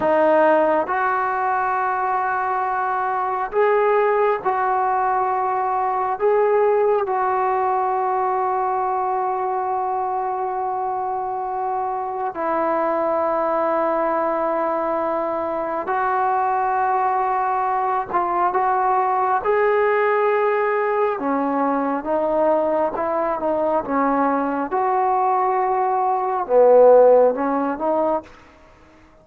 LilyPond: \new Staff \with { instrumentName = "trombone" } { \time 4/4 \tempo 4 = 68 dis'4 fis'2. | gis'4 fis'2 gis'4 | fis'1~ | fis'2 e'2~ |
e'2 fis'2~ | fis'8 f'8 fis'4 gis'2 | cis'4 dis'4 e'8 dis'8 cis'4 | fis'2 b4 cis'8 dis'8 | }